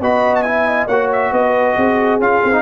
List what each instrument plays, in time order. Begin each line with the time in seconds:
0.00 tuba B3, trombone F#4, horn D#5, trumpet B5
0.35 trumpet A5
0.42 trombone E4, horn E5, trumpet G#5
0.67 horn D#5
0.87 tuba A#3, trombone F#4, horn C#5, trumpet F#5
1.12 trumpet E5
1.31 tuba B3, horn B4, trumpet D#5
1.76 tuba C4, horn G#4
2.19 tuba C#4, trombone F4, trumpet F5
2.44 tuba C4
2.52 trombone D#4